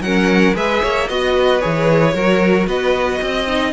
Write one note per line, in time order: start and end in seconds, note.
0.00 0.53 F#3
0.00 0.54 C#4
0.00 0.56 A#4
0.00 0.55 F#5
0.54 0.82 G#3
0.54 1.07 G#4
0.54 0.81 B4
0.54 1.09 E5
0.81 1.08 A#3
0.81 1.07 C#5
1.07 1.62 B3
1.07 1.60 F#4
1.07 1.34 D#5
1.07 1.60 D#5
1.35 2.14 B4
1.60 2.14 E3
1.60 2.13 G#4
1.60 2.66 C#5
2.13 2.66 F#3
2.13 3.46 F#4
2.13 2.67 A#4
2.66 3.19 B3
2.66 3.20 B4
2.66 3.73 D#5
3.21 3.73 C4
3.21 3.73 D#5
3.47 3.73 D#4